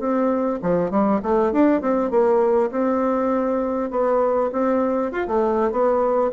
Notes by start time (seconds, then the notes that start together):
0.00 C4
0.63 F3
0.91 G3
1.23 A3
1.53 D4
1.82 C4
2.11 A#3
2.72 C4
3.91 B3
4.53 C4
5.12 F4
5.28 A3
5.72 B3